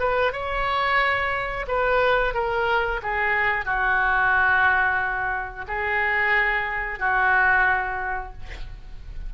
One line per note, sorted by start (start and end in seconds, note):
0.00 0.33 B4
0.33 1.66 C#5
1.68 2.35 B4
2.35 3.01 A#4
3.03 3.66 G#4
3.66 5.66 F#4
5.68 7.00 G#4
7.00 8.33 F#4